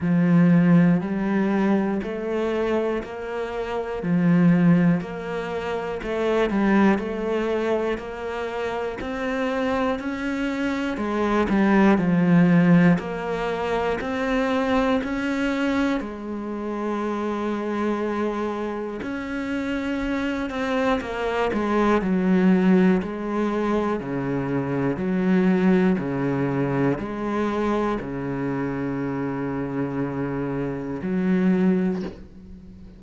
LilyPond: \new Staff \with { instrumentName = "cello" } { \time 4/4 \tempo 4 = 60 f4 g4 a4 ais4 | f4 ais4 a8 g8 a4 | ais4 c'4 cis'4 gis8 g8 | f4 ais4 c'4 cis'4 |
gis2. cis'4~ | cis'8 c'8 ais8 gis8 fis4 gis4 | cis4 fis4 cis4 gis4 | cis2. fis4 | }